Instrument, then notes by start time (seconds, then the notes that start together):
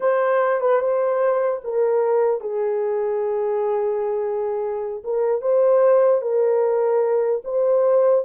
horn
0.00 C5
0.60 B4
0.80 C5
1.64 A#4
2.41 G#4
5.04 A#4
5.41 C5
6.21 A#4
7.44 C5